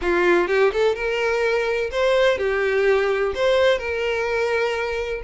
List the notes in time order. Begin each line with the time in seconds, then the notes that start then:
0.01 F4
0.47 G4
0.72 A4
0.95 A#4
1.91 C5
2.38 G4
3.34 C5
3.78 A#4